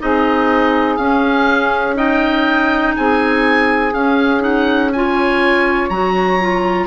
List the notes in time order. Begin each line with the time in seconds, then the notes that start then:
0.00 C4 D#4 G#4 D#5
0.96 C#4 F5
1.95 D#4 D#5 G5
2.96 C4 G#4 G#5
3.92 C#4 F5
4.40 D#4 F#5
4.92 F4 C#5 G#5
5.89 F#3 F#4 A#5
6.40 F4